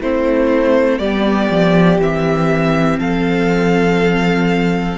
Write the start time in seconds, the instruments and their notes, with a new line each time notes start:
0.00 cello A3, viola C4, violin E4 C5
0.98 cello G3, viola B3, violin G4 D5
1.50 cello F3
1.98 cello E3, viola C4, violin E5
2.98 cello F3, violin A4 F5